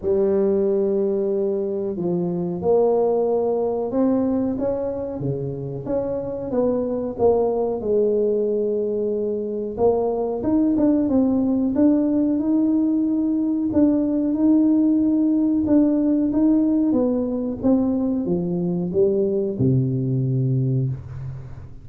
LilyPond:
\new Staff \with { instrumentName = "tuba" } { \time 4/4 \tempo 4 = 92 g2. f4 | ais2 c'4 cis'4 | cis4 cis'4 b4 ais4 | gis2. ais4 |
dis'8 d'8 c'4 d'4 dis'4~ | dis'4 d'4 dis'2 | d'4 dis'4 b4 c'4 | f4 g4 c2 | }